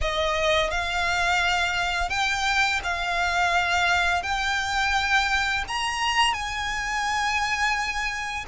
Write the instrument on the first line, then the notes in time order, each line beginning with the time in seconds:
violin
0.01 D#5
0.71 F5
2.09 G5
2.83 F5
4.23 G5
5.68 A#5
6.33 G#5